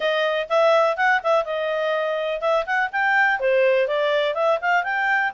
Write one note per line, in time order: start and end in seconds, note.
0.00 0.47 D#5
0.49 0.97 E5
0.97 1.21 F#5
1.23 1.45 E5
1.45 2.40 D#5
2.40 2.65 E5
2.65 2.90 F#5
2.91 3.39 G5
3.39 3.87 C5
3.87 4.34 D5
4.34 4.58 E5
4.61 4.83 F5
4.83 5.32 G5